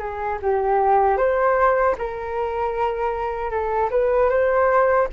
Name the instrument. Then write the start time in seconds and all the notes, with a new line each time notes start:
flute
0.00 G#4
0.43 G4
1.18 C5
1.98 A#4
3.51 A4
3.91 B4
4.30 C5